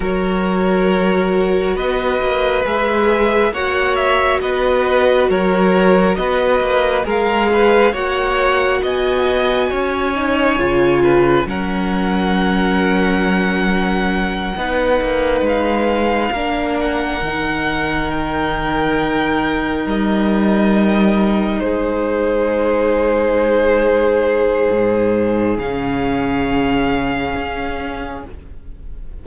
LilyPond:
<<
  \new Staff \with { instrumentName = "violin" } { \time 4/4 \tempo 4 = 68 cis''2 dis''4 e''4 | fis''8 e''8 dis''4 cis''4 dis''4 | f''4 fis''4 gis''2~ | gis''4 fis''2.~ |
fis''4. f''4. fis''4~ | fis''8 g''2 dis''4.~ | dis''8 c''2.~ c''8~ | c''4 f''2. | }
  \new Staff \with { instrumentName = "violin" } { \time 4/4 ais'2 b'2 | cis''4 b'4 ais'4 b'4 | ais'8 b'8 cis''4 dis''4 cis''4~ | cis''8 b'8 ais'2.~ |
ais'8 b'2 ais'4.~ | ais'1~ | ais'8 gis'2.~ gis'8~ | gis'1 | }
  \new Staff \with { instrumentName = "viola" } { \time 4/4 fis'2. gis'4 | fis'1 | gis'4 fis'2~ fis'8 dis'8 | f'4 cis'2.~ |
cis'8 dis'2 d'4 dis'8~ | dis'1~ | dis'1~ | dis'4 cis'2. | }
  \new Staff \with { instrumentName = "cello" } { \time 4/4 fis2 b8 ais8 gis4 | ais4 b4 fis4 b8 ais8 | gis4 ais4 b4 cis'4 | cis4 fis2.~ |
fis8 b8 ais8 gis4 ais4 dis8~ | dis2~ dis8 g4.~ | g8 gis2.~ gis8 | gis,4 cis2 cis'4 | }
>>